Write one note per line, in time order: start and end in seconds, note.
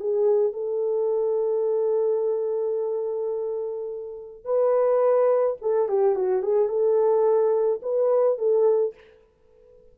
0.00 0.53 G#4
0.53 4.45 A4
4.45 5.57 B4
5.62 5.89 A4
5.89 6.16 G4
6.16 6.43 F#4
6.43 6.69 G#4
6.69 7.81 A4
7.82 8.38 B4
8.38 8.95 A4